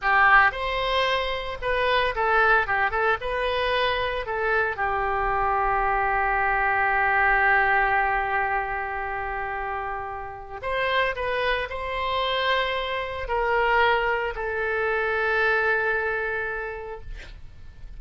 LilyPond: \new Staff \with { instrumentName = "oboe" } { \time 4/4 \tempo 4 = 113 g'4 c''2 b'4 | a'4 g'8 a'8 b'2 | a'4 g'2.~ | g'1~ |
g'1 | c''4 b'4 c''2~ | c''4 ais'2 a'4~ | a'1 | }